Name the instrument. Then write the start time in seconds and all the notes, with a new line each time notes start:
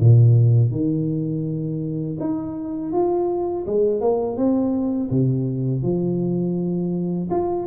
tuba
0.00 A#2
0.71 D#3
2.20 D#4
2.92 F4
3.67 G#3
4.01 A#3
4.37 C4
5.11 C3
5.82 F3
7.30 F4